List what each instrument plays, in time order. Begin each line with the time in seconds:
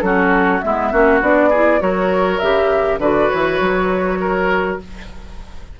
0.00 bassoon F#3, clarinet C#4, oboe F#4, flute A4
0.60 bassoon G#3, clarinet B3, oboe E4, flute E5
0.92 bassoon A#3, clarinet C#4, oboe F#4
1.21 bassoon B3, clarinet D4, flute D5
1.49 clarinet E4, oboe G#4
1.79 bassoon F#3, clarinet F#4, oboe A#4, flute C#5
2.39 bassoon C#3, clarinet G4, flute E5
2.98 bassoon D3, clarinet F#4, oboe B4, flute D5
3.30 bassoon E3, flute C#5
3.60 bassoon F#3
4.20 oboe A#4